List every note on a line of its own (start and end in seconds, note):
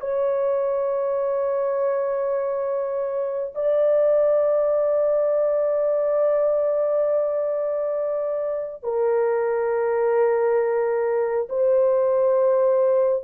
0.00 3.53 C#5
3.55 8.83 D5
8.83 11.48 A#4
11.49 13.24 C5